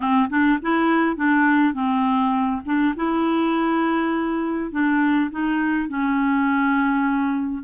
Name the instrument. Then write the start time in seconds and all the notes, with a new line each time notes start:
clarinet
0.00 C4
0.29 D4
0.62 E4
1.16 D4
1.73 C4
2.65 D4
2.96 E4
4.71 D4
5.30 D#4
5.88 C#4